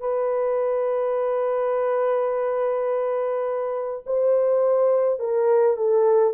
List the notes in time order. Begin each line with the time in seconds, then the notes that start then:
0.00 B4
4.06 C5
5.20 A#4
5.77 A4